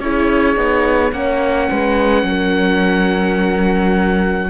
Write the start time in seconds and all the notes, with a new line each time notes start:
0.00 C#4 E4 G#4 C#5
0.57 B3 D#4
1.12 A#3 C#4 C#5 F#5
1.71 G#3 B4
2.24 F#3 A#4